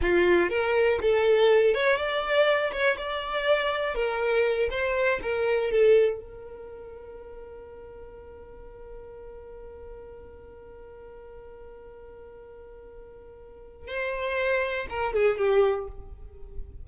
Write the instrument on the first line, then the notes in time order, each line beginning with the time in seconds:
violin
0.01 F4
0.49 A#4
1.01 A4
1.74 C#5
1.97 D5
2.72 C#5
2.97 D5
3.94 A#4
4.70 C5
5.22 A#4
5.71 A4
6.20 A#4
13.87 C5
14.89 A#4
15.13 G#4
15.38 G4